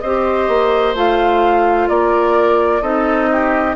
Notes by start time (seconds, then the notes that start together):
0.00 C4 G4 C5 D#5
0.48 A#3
0.94 A3 F4 F5
1.88 A#3 A#4 D5
2.81 C4 D#4 A4 D#5
3.31 G4